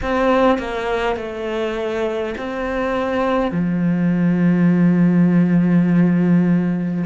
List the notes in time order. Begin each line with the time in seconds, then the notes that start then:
0.02 C4
0.58 A#3
1.16 A3
2.37 C4
3.51 F3